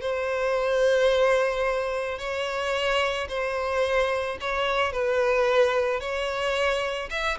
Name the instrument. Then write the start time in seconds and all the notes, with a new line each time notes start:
violin
0.00 C5
2.18 C#5
3.28 C5
4.40 C#5
4.92 B4
6.00 C#5
7.10 E5